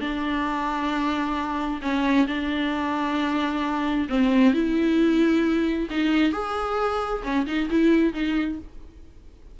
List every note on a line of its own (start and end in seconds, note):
0.00 1.80 D4
1.81 2.26 C#4
2.27 4.07 D4
4.09 4.53 C4
4.53 5.88 E4
5.90 6.32 D#4
6.32 7.22 G#4
7.23 7.46 C#4
7.46 7.69 D#4
7.70 8.13 E4
8.13 8.58 D#4